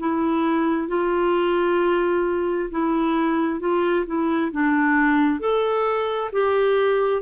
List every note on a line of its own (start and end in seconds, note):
0.00 0.88 E4
0.88 2.70 F4
2.71 3.60 E4
3.60 4.06 F4
4.07 4.52 E4
4.52 5.40 D4
5.40 6.31 A4
6.33 7.23 G4